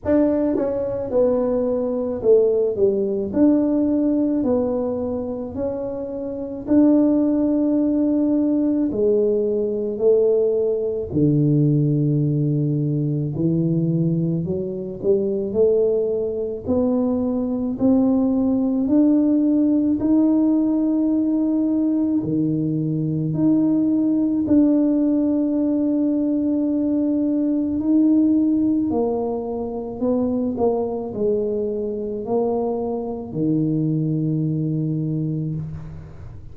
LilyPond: \new Staff \with { instrumentName = "tuba" } { \time 4/4 \tempo 4 = 54 d'8 cis'8 b4 a8 g8 d'4 | b4 cis'4 d'2 | gis4 a4 d2 | e4 fis8 g8 a4 b4 |
c'4 d'4 dis'2 | dis4 dis'4 d'2~ | d'4 dis'4 ais4 b8 ais8 | gis4 ais4 dis2 | }